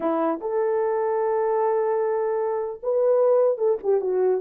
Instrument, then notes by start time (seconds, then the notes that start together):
horn
0.00 E4
0.40 A4
2.83 B4
3.57 A4
3.83 G4
4.00 F#4